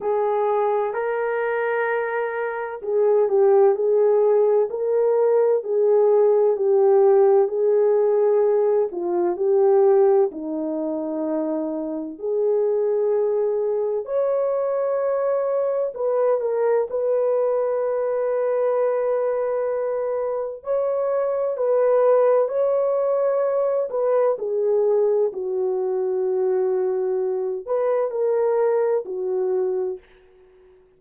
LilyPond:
\new Staff \with { instrumentName = "horn" } { \time 4/4 \tempo 4 = 64 gis'4 ais'2 gis'8 g'8 | gis'4 ais'4 gis'4 g'4 | gis'4. f'8 g'4 dis'4~ | dis'4 gis'2 cis''4~ |
cis''4 b'8 ais'8 b'2~ | b'2 cis''4 b'4 | cis''4. b'8 gis'4 fis'4~ | fis'4. b'8 ais'4 fis'4 | }